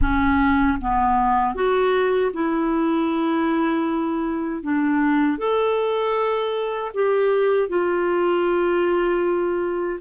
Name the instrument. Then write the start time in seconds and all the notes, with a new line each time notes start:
clarinet
0.01 C#4
0.81 B3
1.54 F#4
2.33 E4
4.63 D4
5.37 A4
6.94 G4
7.69 F4